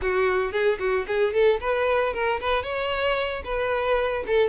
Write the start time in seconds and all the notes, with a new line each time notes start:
0.01 F#4
0.52 G#4
0.79 F#4
1.07 G#4
1.33 A4
1.60 B4
2.13 A#4
2.40 B4
2.63 C#5
3.44 B4
4.26 A4